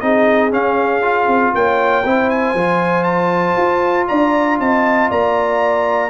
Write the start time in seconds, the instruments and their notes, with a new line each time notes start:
0.00 tuba C4, trombone D#4, horn G#4, trumpet D#5
0.51 trombone C#4, tuba C#4, trumpet F5
1.02 trombone F4
1.28 tuba C4
1.55 tuba A#3, horn C#5, trumpet G5
2.05 tuba C4, trombone E4, horn C5
2.30 trumpet G#5
2.54 tuba F3, trombone F4
3.04 trumpet A5
3.57 tuba F4
4.08 tuba D4, horn D5, trumpet A#5
4.60 tuba C4, horn D#5, trumpet A5
5.10 tuba A#3, horn D5, trumpet A#5